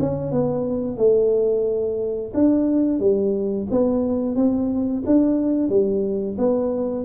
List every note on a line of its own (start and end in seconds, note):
0.00 0.32 C#4
0.32 0.97 B3
0.97 2.32 A3
2.34 3.00 D4
3.00 3.67 G3
3.71 4.36 B3
4.36 5.03 C4
5.06 5.70 D4
5.70 6.37 G3
6.38 7.05 B3